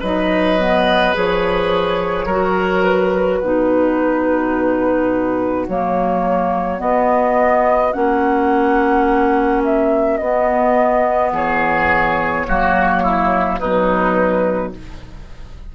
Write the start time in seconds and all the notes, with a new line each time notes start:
0.00 F#3 D#4 B4 D#5
0.58 B3
1.14 F3 G#4 C#5
2.26 F#3 F#4 A#4
2.84 B4
3.39 B2 D#4 F#4
5.68 F#3 A#3 C#5
6.78 B3 D#5
7.93 A#3 C#4 F#5
9.65 E5
10.18 B3 D#5
11.33 E3 G#4 C#5
12.48 F#3 A#3 F#4
13.03 E4
13.59 B2 F#3 D#4 B4